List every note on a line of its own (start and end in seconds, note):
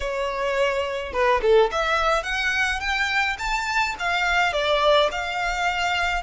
0.00 1.12 C#5
1.12 1.40 B4
1.42 1.70 A4
1.71 2.23 E5
2.23 2.80 F#5
2.80 3.36 G5
3.38 3.95 A5
3.99 4.53 F5
4.53 5.09 D5
5.11 6.22 F5